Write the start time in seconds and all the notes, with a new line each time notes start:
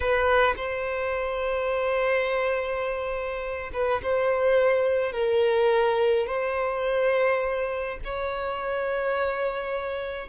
0.00 B4
0.56 C5
3.73 B4
4.02 C5
5.12 A#4
6.26 C5
8.04 C#5